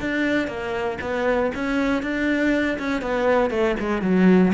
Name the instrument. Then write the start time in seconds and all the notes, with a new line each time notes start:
cello
0.00 D4
0.47 A#3
1.01 B3
1.54 C#4
2.02 D4
2.78 C#4
3.01 B3
3.50 A3
3.80 G#3
4.01 F#3